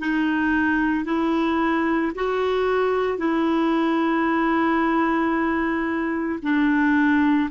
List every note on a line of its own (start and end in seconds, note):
0.00 1.05 D#4
1.05 2.12 E4
2.16 3.19 F#4
3.19 6.40 E4
6.43 7.50 D4